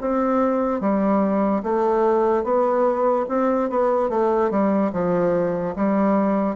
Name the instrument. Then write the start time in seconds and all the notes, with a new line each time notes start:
bassoon
0.00 C4
0.80 G3
1.63 A3
2.43 B3
3.28 C4
3.69 B3
4.09 A3
4.50 G3
4.92 F3
5.75 G3